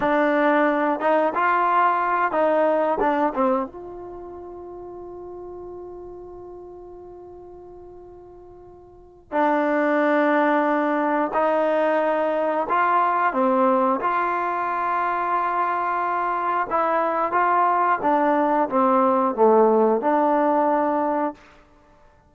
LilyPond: \new Staff \with { instrumentName = "trombone" } { \time 4/4 \tempo 4 = 90 d'4. dis'8 f'4. dis'8~ | dis'8 d'8 c'8 f'2~ f'8~ | f'1~ | f'2 d'2~ |
d'4 dis'2 f'4 | c'4 f'2.~ | f'4 e'4 f'4 d'4 | c'4 a4 d'2 | }